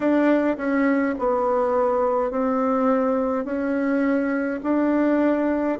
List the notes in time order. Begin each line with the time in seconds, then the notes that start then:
0.00 D4
0.57 C#4
1.19 B3
2.31 C4
3.44 C#4
4.63 D4